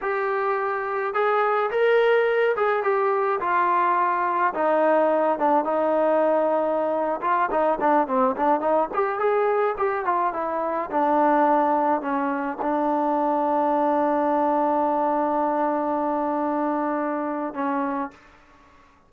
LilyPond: \new Staff \with { instrumentName = "trombone" } { \time 4/4 \tempo 4 = 106 g'2 gis'4 ais'4~ | ais'8 gis'8 g'4 f'2 | dis'4. d'8 dis'2~ | dis'8. f'8 dis'8 d'8 c'8 d'8 dis'8 g'16~ |
g'16 gis'4 g'8 f'8 e'4 d'8.~ | d'4~ d'16 cis'4 d'4.~ d'16~ | d'1~ | d'2. cis'4 | }